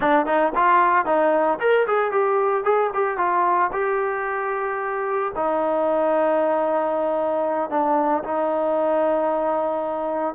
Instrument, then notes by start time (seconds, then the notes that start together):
trombone
0.00 D4
0.26 D#4
0.55 F4
1.05 D#4
1.60 A#4
1.87 G#4
2.11 G4
2.64 G#4
2.93 G4
3.17 F4
3.72 G4
5.35 D#4
7.70 D4
8.23 D#4